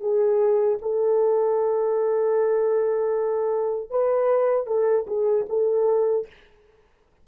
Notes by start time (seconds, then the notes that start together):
0.00 G#4
0.82 A4
3.90 B4
4.67 A4
5.07 G#4
5.49 A4